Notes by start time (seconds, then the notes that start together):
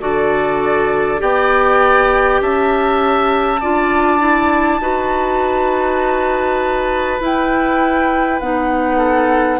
0.00 D3 F#4 A4 D5
1.18 B3 G4 D5 G5
2.40 C#4 E5 A5
3.60 D4 F4 D5
4.19 E4
4.79 D#4 F#4 B4
7.20 E4 G5
8.40 B3 D#4 F#5
8.97 A4